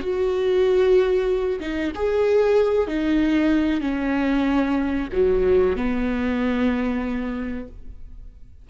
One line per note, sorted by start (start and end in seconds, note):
0.00 1.60 F#4
1.60 1.92 D#4
1.95 2.88 G#4
2.88 3.81 D#4
3.81 5.09 C#4
5.13 5.76 F#3
5.76 7.68 B3